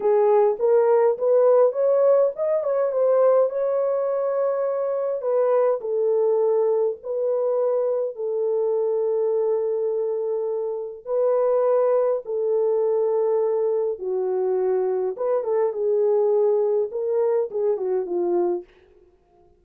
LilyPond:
\new Staff \with { instrumentName = "horn" } { \time 4/4 \tempo 4 = 103 gis'4 ais'4 b'4 cis''4 | dis''8 cis''8 c''4 cis''2~ | cis''4 b'4 a'2 | b'2 a'2~ |
a'2. b'4~ | b'4 a'2. | fis'2 b'8 a'8 gis'4~ | gis'4 ais'4 gis'8 fis'8 f'4 | }